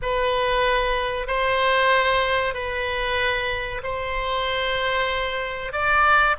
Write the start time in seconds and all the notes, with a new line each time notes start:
0.01 B4
1.27 C5
2.54 B4
3.83 C5
5.72 D5